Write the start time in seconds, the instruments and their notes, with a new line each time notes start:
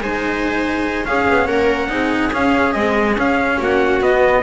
0.00 double bass G#3, cello D#4, viola C5, trumpet G#5
1.04 cello C#4, double bass C#4, viola G#4, trumpet F5
1.28 double bass B3
1.47 double bass A#3, viola A#4, trumpet F#5
1.88 double bass C4, cello D#4, viola G#4
2.33 cello C#4, double bass C#4, trumpet F5
2.73 cello G#3, double bass C4, trumpet D#5
3.16 double bass C#4, cello C#4, trumpet F5
3.57 double bass A#3, viola F#4, trumpet F#5
4.00 double bass B3, cello B3, trumpet D#5